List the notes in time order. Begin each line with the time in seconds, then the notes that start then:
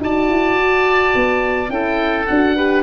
0.00 D#4 F#4 D5 A5
0.28 E4
0.56 F#4
1.15 B3
1.69 C#4 E4 A4 G5
2.26 D4 F#4 F#5
2.56 G4 B4